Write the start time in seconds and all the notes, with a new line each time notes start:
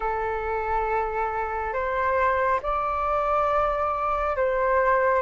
0.00 A4
1.73 C5
2.62 D5
4.36 C5